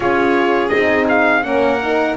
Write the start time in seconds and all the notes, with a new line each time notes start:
0.00 C#4 F4 G#4 C#5
0.68 C4 D#4 D#5
1.09 F5
1.42 A#3 C#4 A#4 F#5
1.83 D#4